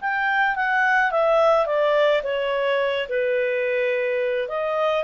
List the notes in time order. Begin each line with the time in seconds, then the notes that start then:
0.00 G5
0.55 F#5
1.11 E5
1.65 D5
2.23 C#5
3.08 B4
4.48 D#5